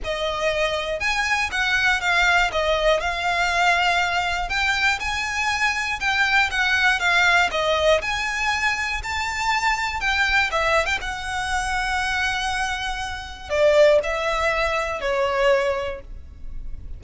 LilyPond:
\new Staff \with { instrumentName = "violin" } { \time 4/4 \tempo 4 = 120 dis''2 gis''4 fis''4 | f''4 dis''4 f''2~ | f''4 g''4 gis''2 | g''4 fis''4 f''4 dis''4 |
gis''2 a''2 | g''4 e''8. g''16 fis''2~ | fis''2. d''4 | e''2 cis''2 | }